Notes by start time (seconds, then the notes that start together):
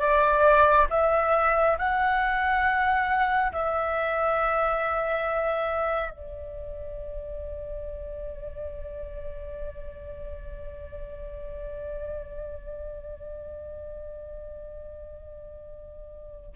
0.00 D5
0.90 E5
1.78 F#5
3.52 E5
6.10 D5